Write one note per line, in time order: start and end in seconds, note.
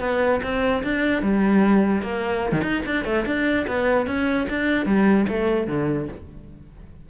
0.00 0.41 B3
0.43 0.83 C4
0.84 1.23 D4
1.23 2.02 G3
2.02 2.52 A#3
2.52 2.62 D#3
2.62 2.82 D#4
2.86 3.05 D4
3.05 3.25 A3
3.26 3.67 D4
3.68 4.07 B3
4.07 4.47 C#4
4.49 4.86 D4
4.86 5.26 G3
5.29 5.68 A3
5.68 6.08 D3